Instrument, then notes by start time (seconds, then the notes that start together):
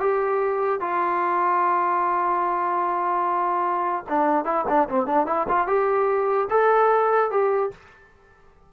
trombone
0.00 G4
0.81 F4
4.09 D4
4.45 E4
4.68 D4
4.89 C4
5.07 D4
5.27 E4
5.48 F4
5.67 G4
6.50 A4
7.31 G4